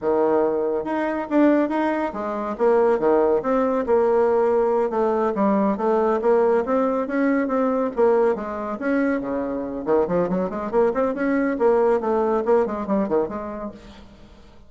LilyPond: \new Staff \with { instrumentName = "bassoon" } { \time 4/4 \tempo 4 = 140 dis2 dis'4 d'4 | dis'4 gis4 ais4 dis4 | c'4 ais2~ ais8 a8~ | a8 g4 a4 ais4 c'8~ |
c'8 cis'4 c'4 ais4 gis8~ | gis8 cis'4 cis4. dis8 f8 | fis8 gis8 ais8 c'8 cis'4 ais4 | a4 ais8 gis8 g8 dis8 gis4 | }